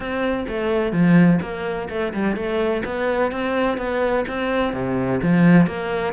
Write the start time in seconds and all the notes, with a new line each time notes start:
0.00 C4
0.48 A3
0.92 F3
1.41 A#3
1.89 A3
2.13 G3
2.35 A3
2.85 B3
3.31 C4
3.77 B3
4.28 C4
4.73 C3
5.22 F3
5.66 A#3